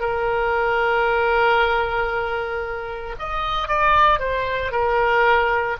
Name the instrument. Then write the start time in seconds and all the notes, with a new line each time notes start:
oboe
0.00 A#4
3.19 D#5
3.68 D5
4.19 C5
4.72 A#4